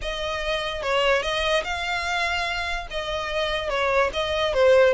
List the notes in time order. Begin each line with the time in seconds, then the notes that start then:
0.01 D#5
0.82 C#5
1.22 D#5
1.63 F5
2.90 D#5
3.69 C#5
4.13 D#5
4.53 C5